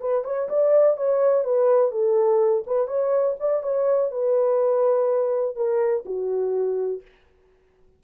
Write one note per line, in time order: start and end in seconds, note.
0.00 0.24 B4
0.24 0.48 C#5
0.49 0.97 D5
0.97 1.44 C#5
1.44 1.91 B4
1.91 2.63 A4
2.66 2.87 B4
2.87 3.35 C#5
3.39 3.63 D5
3.63 4.11 C#5
4.11 5.56 B4
5.56 6.04 A#4
6.05 7.02 F#4